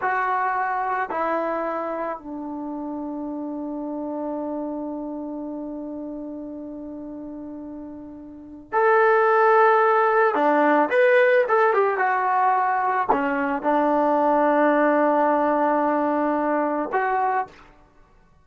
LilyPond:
\new Staff \with { instrumentName = "trombone" } { \time 4/4 \tempo 4 = 110 fis'2 e'2 | d'1~ | d'1~ | d'1 |
a'2. d'4 | b'4 a'8 g'8 fis'2 | cis'4 d'2.~ | d'2. fis'4 | }